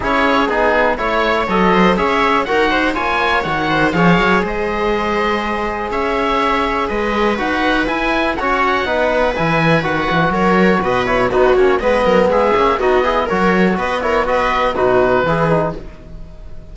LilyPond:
<<
  \new Staff \with { instrumentName = "oboe" } { \time 4/4 \tempo 4 = 122 cis''4 gis'4 cis''4 dis''4 | e''4 fis''4 gis''4 fis''4 | f''4 dis''2. | e''2 dis''4 fis''4 |
gis''4 fis''2 gis''4 | fis''4 cis''4 dis''8 cis''8 b'8 cis''8 | dis''4 e''4 dis''4 cis''4 | dis''8 cis''8 dis''4 b'2 | }
  \new Staff \with { instrumentName = "viola" } { \time 4/4 gis'2 cis''4. c''8 | cis''4 ais'8 c''8 cis''4. c''8 | cis''4 c''2. | cis''2 b'2~ |
b'4 cis''4 b'2~ | b'4 ais'4 b'4 fis'4 | b'8 ais'8 gis'4 fis'8 gis'8 ais'4 | b'8 ais'8 b'4 fis'4 gis'4 | }
  \new Staff \with { instrumentName = "trombone" } { \time 4/4 e'4 dis'4 e'4 a'4 | gis'4 fis'4 f'4 fis'4 | gis'1~ | gis'2. fis'4 |
e'4 cis'4 dis'4 e'4 | fis'2~ fis'8 e'8 dis'8 cis'8 | b4. cis'8 dis'8 e'8 fis'4~ | fis'8 e'8 fis'4 dis'4 e'8 dis'8 | }
  \new Staff \with { instrumentName = "cello" } { \time 4/4 cis'4 b4 a4 fis4 | cis'4 dis'4 ais4 dis4 | f8 fis8 gis2. | cis'2 gis4 dis'4 |
e'4 fis'4 b4 e4 | dis8 e8 fis4 b,4 b8 ais8 | gis8 fis8 gis8 ais8 b4 fis4 | b2 b,4 e4 | }
>>